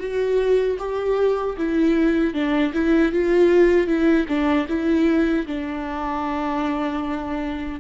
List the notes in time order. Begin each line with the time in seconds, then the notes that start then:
0.00 F#4
0.79 G4
1.58 E4
2.34 D4
2.74 E4
3.12 F4
3.87 E4
4.29 D4
4.69 E4
5.47 D4